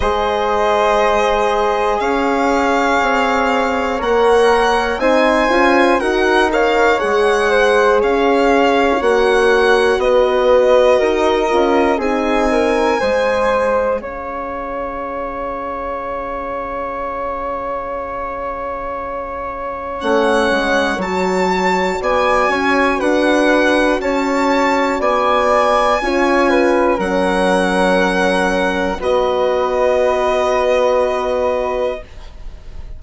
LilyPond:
<<
  \new Staff \with { instrumentName = "violin" } { \time 4/4 \tempo 4 = 60 dis''2 f''2 | fis''4 gis''4 fis''8 f''8 fis''4 | f''4 fis''4 dis''2 | gis''2 f''2~ |
f''1 | fis''4 a''4 gis''4 fis''4 | a''4 gis''2 fis''4~ | fis''4 dis''2. | }
  \new Staff \with { instrumentName = "flute" } { \time 4/4 c''2 cis''2~ | cis''4 c''4 ais'8 cis''4 c''8 | cis''2 b'4 ais'4 | gis'8 ais'8 c''4 cis''2~ |
cis''1~ | cis''2 d''8 cis''8 b'4 | cis''4 d''4 cis''8 b'8 ais'4~ | ais'4 b'2. | }
  \new Staff \with { instrumentName = "horn" } { \time 4/4 gis'1 | ais'4 dis'8 f'8 fis'8 ais'8 gis'4~ | gis'4 fis'2~ fis'8 f'8 | dis'4 gis'2.~ |
gis'1 | cis'4 fis'2.~ | fis'2 f'4 cis'4~ | cis'4 fis'2. | }
  \new Staff \with { instrumentName = "bassoon" } { \time 4/4 gis2 cis'4 c'4 | ais4 c'8 cis'8 dis'4 gis4 | cis'4 ais4 b4 dis'8 cis'8 | c'4 gis4 cis'2~ |
cis'1 | a8 gis8 fis4 b8 cis'8 d'4 | cis'4 b4 cis'4 fis4~ | fis4 b2. | }
>>